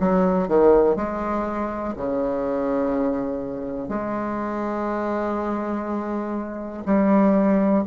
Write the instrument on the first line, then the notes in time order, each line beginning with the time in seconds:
bassoon
0.00 F#3
0.48 D#3
0.97 G#3
1.97 C#3
3.89 G#3
6.86 G3